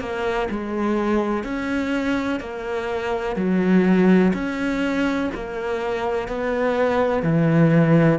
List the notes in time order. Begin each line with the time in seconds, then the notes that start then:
0.00 A#3
0.50 G#3
1.43 C#4
2.40 A#3
3.36 F#3
4.33 C#4
5.34 A#3
6.28 B3
7.23 E3